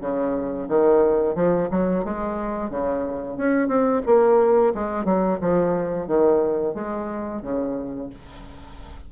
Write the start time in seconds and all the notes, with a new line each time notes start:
0.00 C#3
0.68 D#3
1.35 F3
1.70 F#3
2.04 G#3
2.69 C#3
3.37 C#4
3.68 C4
4.06 A#3
4.74 G#3
5.04 F#3
5.40 F3
6.07 D#3
6.74 G#3
7.42 C#3